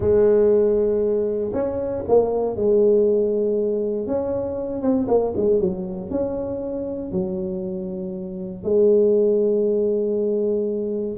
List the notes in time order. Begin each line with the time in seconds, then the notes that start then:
0.00 G#3
1.53 C#4
2.08 A#3
2.55 G#3
4.06 C#4
4.82 C4
5.07 A#3
5.36 G#3
5.59 F#3
6.10 C#4
7.11 F#3
8.63 G#3